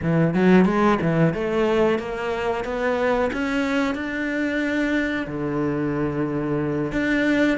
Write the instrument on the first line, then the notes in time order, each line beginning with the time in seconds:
cello
0.02 E3
0.34 F#3
0.65 G#3
1.01 E3
1.34 A3
1.98 A#3
2.64 B3
3.32 C#4
3.94 D4
5.27 D3
6.92 D4